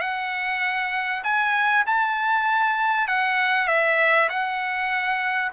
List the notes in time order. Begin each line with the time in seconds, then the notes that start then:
0.00 F#5
1.23 G#5
1.86 A5
3.07 F#5
3.68 E5
4.29 F#5